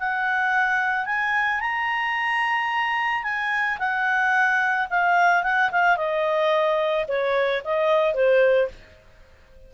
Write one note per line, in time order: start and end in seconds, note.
0.00 1.06 F#5
1.06 1.60 G#5
1.61 3.24 A#5
3.24 3.78 G#5
3.79 4.88 F#5
4.90 5.43 F5
5.43 5.71 F#5
5.71 5.97 F5
5.97 7.06 D#5
7.08 7.63 C#5
7.65 8.14 D#5
8.14 8.69 C5